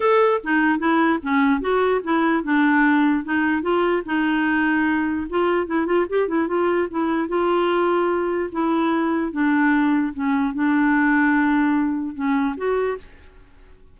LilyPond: \new Staff \with { instrumentName = "clarinet" } { \time 4/4 \tempo 4 = 148 a'4 dis'4 e'4 cis'4 | fis'4 e'4 d'2 | dis'4 f'4 dis'2~ | dis'4 f'4 e'8 f'8 g'8 e'8 |
f'4 e'4 f'2~ | f'4 e'2 d'4~ | d'4 cis'4 d'2~ | d'2 cis'4 fis'4 | }